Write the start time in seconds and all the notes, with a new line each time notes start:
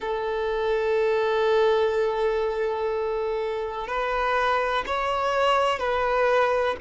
0.00 A4
3.87 B4
4.86 C#5
5.78 B4